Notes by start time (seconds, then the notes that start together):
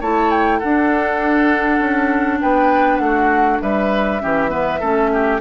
0.00 A3 E4 C#5 A5
0.30 G5
0.59 D4 A4 F#5
1.79 C#4
2.41 B3 B4 G5
2.97 A3 F#5
3.04 F#4
3.61 G3 B4 E5
4.21 E3 C#4 G4
4.48 B3 B4
4.80 A3 C#4 A4
5.13 G4